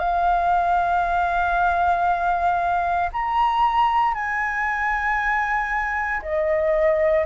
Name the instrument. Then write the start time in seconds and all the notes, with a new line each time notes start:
flute
0.00 F5
3.13 A#5
4.15 G#5
6.23 D#5